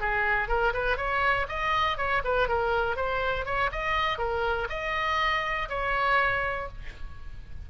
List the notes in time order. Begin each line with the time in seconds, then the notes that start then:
0.00 G#4
0.48 A#4
0.73 B4
0.97 C#5
1.48 D#5
1.97 C#5
2.24 B4
2.48 A#4
2.96 C5
3.45 C#5
3.72 D#5
4.18 A#4
4.69 D#5
5.69 C#5